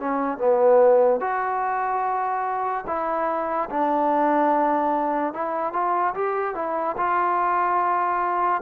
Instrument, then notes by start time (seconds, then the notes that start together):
trombone
0.00 C#4
0.38 B3
1.20 F#4
2.87 E4
3.70 D4
5.34 E4
5.73 F4
6.15 G4
6.55 E4
6.98 F4